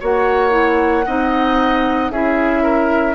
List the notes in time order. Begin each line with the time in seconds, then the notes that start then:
0.00 A#3 F#4 C#5 F#5
0.50 E4
1.06 C4 D#4 D#5
2.10 C#4 E4 G#4 E5
2.63 A#4